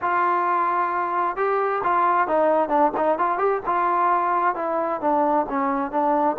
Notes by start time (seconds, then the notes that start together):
0.01 F4
1.36 G4
1.83 F4
2.27 D#4
2.68 D4
2.96 D#4
3.18 F4
3.38 G4
3.65 F4
4.55 E4
5.00 D4
5.49 C#4
5.91 D4